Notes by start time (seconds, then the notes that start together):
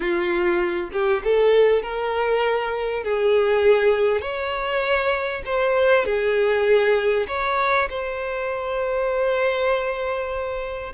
0.00 F4
0.92 G4
1.24 A4
1.82 A#4
3.03 G#4
4.21 C#5
5.45 C5
6.05 G#4
7.27 C#5
7.90 C5